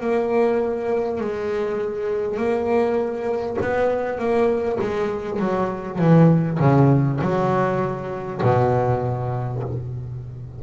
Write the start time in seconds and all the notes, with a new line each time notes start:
0.00 A#3
1.21 G#3
2.37 A#3
3.62 B3
4.19 A#3
4.81 G#3
5.39 F#3
5.98 E3
6.59 C#3
7.22 F#3
8.43 B2